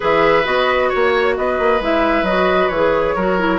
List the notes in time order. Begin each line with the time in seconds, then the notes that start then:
0.00 E3 G#4 B4 E5
0.44 B3 F#4 D#5
0.89 A#3 C#5
1.37 B3 B4 D#5
1.59 A#3
1.80 G#3 E4 E5
2.22 F#3 F#4 D#5
2.68 E3 C#5
2.74 G#4
3.15 F#3 F#4 A#4
3.38 E4